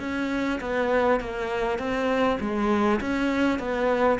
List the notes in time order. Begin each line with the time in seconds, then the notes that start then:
0.00 C#4
0.61 B3
1.21 A#3
1.79 C4
2.40 G#3
3.01 C#4
3.59 B3